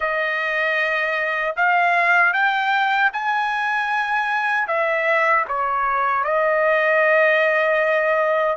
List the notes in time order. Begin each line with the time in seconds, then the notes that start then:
0.00 D#5
1.56 F5
2.33 G5
3.12 G#5
4.67 E5
5.48 C#5
6.23 D#5